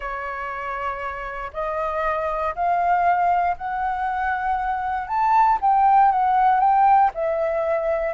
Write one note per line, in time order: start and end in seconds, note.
0.00 1.51 C#5
1.53 2.54 D#5
2.55 3.56 F5
3.57 5.07 F#5
5.07 5.58 A5
5.61 6.11 G5
6.11 6.60 F#5
6.60 7.10 G5
7.14 8.13 E5